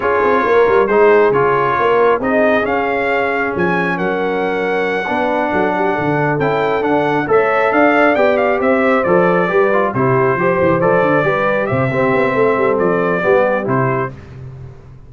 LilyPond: <<
  \new Staff \with { instrumentName = "trumpet" } { \time 4/4 \tempo 4 = 136 cis''2 c''4 cis''4~ | cis''4 dis''4 f''2 | gis''4 fis''2.~ | fis''2~ fis''8 g''4 fis''8~ |
fis''8 e''4 f''4 g''8 f''8 e''8~ | e''8 d''2 c''4.~ | c''8 d''2 e''4.~ | e''4 d''2 c''4 | }
  \new Staff \with { instrumentName = "horn" } { \time 4/4 gis'4 ais'4 gis'2 | ais'4 gis'2.~ | gis'4 ais'2~ ais'8 b'8~ | b'8 a'8 g'8 a'2~ a'8~ |
a'8 cis''4 d''2 c''8~ | c''4. b'4 g'4 c''8~ | c''4. b'4 c''8 g'4 | a'2 g'2 | }
  \new Staff \with { instrumentName = "trombone" } { \time 4/4 f'2 dis'4 f'4~ | f'4 dis'4 cis'2~ | cis'2.~ cis'8 d'8~ | d'2~ d'8 e'4 d'8~ |
d'8 a'2 g'4.~ | g'8 a'4 g'8 f'8 e'4 g'8~ | g'8 a'4 g'4. c'4~ | c'2 b4 e'4 | }
  \new Staff \with { instrumentName = "tuba" } { \time 4/4 cis'8 c'8 ais8 g8 gis4 cis4 | ais4 c'4 cis'2 | f4 fis2~ fis8 b8~ | b8 fis4 d4 cis'4 d'8~ |
d'8 a4 d'4 b4 c'8~ | c'8 f4 g4 c4 f8 | e8 f8 d8 g4 c8 c'8 b8 | a8 g8 f4 g4 c4 | }
>>